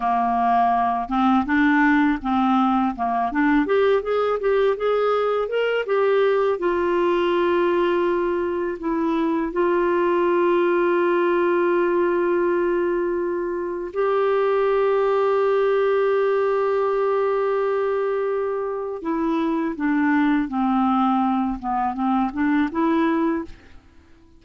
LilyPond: \new Staff \with { instrumentName = "clarinet" } { \time 4/4 \tempo 4 = 82 ais4. c'8 d'4 c'4 | ais8 d'8 g'8 gis'8 g'8 gis'4 ais'8 | g'4 f'2. | e'4 f'2.~ |
f'2. g'4~ | g'1~ | g'2 e'4 d'4 | c'4. b8 c'8 d'8 e'4 | }